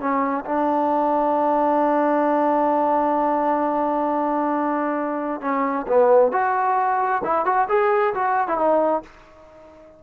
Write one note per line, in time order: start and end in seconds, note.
0.00 0.45 C#4
0.46 5.42 D4
5.42 5.87 C#4
5.88 6.32 B3
6.32 7.22 F#4
7.25 7.46 E4
7.46 7.68 F#4
7.69 8.14 G#4
8.15 8.48 F#4
8.48 8.58 E4
8.58 9.03 D#4